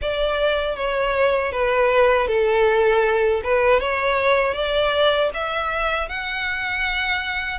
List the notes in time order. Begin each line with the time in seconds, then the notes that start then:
0.01 D5
0.76 C#5
1.52 B4
2.28 A4
3.43 B4
3.79 C#5
4.54 D5
5.33 E5
6.08 F#5